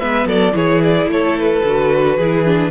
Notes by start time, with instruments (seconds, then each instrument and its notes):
0.00 cello G#3, viola B3, violin B4 E5
0.26 cello F#3, violin A4 D5
0.53 cello E3, viola E4, violin G#4 C#5
0.83 violin D5
1.07 cello A3, violin A4 C#5
1.39 violin B4
1.65 cello D3, viola F#4
2.17 cello E3, viola E4, violin G#4
2.45 viola D4